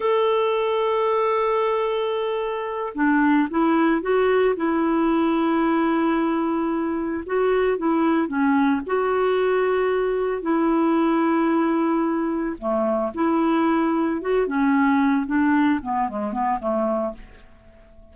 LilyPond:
\new Staff \with { instrumentName = "clarinet" } { \time 4/4 \tempo 4 = 112 a'1~ | a'4. d'4 e'4 fis'8~ | fis'8 e'2.~ e'8~ | e'4. fis'4 e'4 cis'8~ |
cis'8 fis'2. e'8~ | e'2.~ e'8 a8~ | a8 e'2 fis'8 cis'4~ | cis'8 d'4 b8 gis8 b8 a4 | }